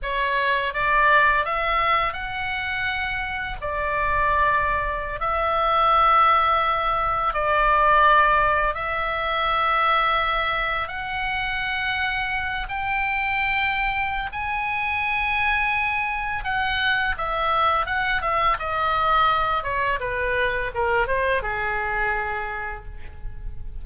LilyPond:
\new Staff \with { instrumentName = "oboe" } { \time 4/4 \tempo 4 = 84 cis''4 d''4 e''4 fis''4~ | fis''4 d''2~ d''16 e''8.~ | e''2~ e''16 d''4.~ d''16~ | d''16 e''2. fis''8.~ |
fis''4.~ fis''16 g''2~ g''16 | gis''2. fis''4 | e''4 fis''8 e''8 dis''4. cis''8 | b'4 ais'8 c''8 gis'2 | }